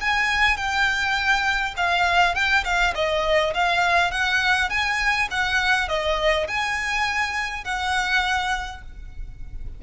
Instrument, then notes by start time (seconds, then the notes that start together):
violin
0.00 G#5
0.56 G5
1.76 F5
2.34 G5
2.64 F5
2.94 D#5
3.54 F5
4.11 F#5
4.69 G#5
5.30 F#5
5.88 D#5
6.47 G#5
7.64 F#5